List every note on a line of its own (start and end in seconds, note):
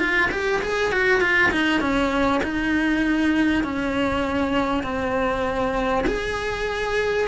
0.00 0.30 F4
0.32 0.62 G4
0.63 0.92 G#4
0.92 1.21 F#4
1.21 1.52 F4
1.52 1.81 D#4
1.81 2.42 C#4
2.44 3.64 D#4
3.64 4.84 C#4
4.84 6.05 C4
6.07 7.28 G#4